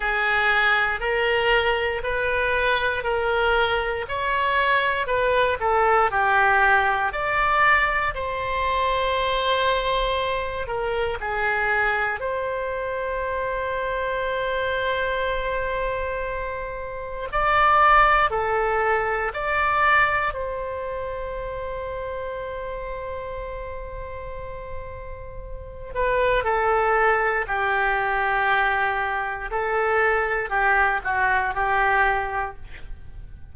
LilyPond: \new Staff \with { instrumentName = "oboe" } { \time 4/4 \tempo 4 = 59 gis'4 ais'4 b'4 ais'4 | cis''4 b'8 a'8 g'4 d''4 | c''2~ c''8 ais'8 gis'4 | c''1~ |
c''4 d''4 a'4 d''4 | c''1~ | c''4. b'8 a'4 g'4~ | g'4 a'4 g'8 fis'8 g'4 | }